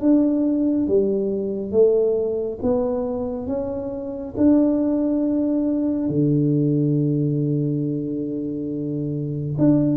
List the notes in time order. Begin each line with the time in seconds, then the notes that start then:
0.00 D4
0.87 G3
1.72 A3
2.62 B3
3.47 C#4
4.37 D4
6.09 D3
9.58 D4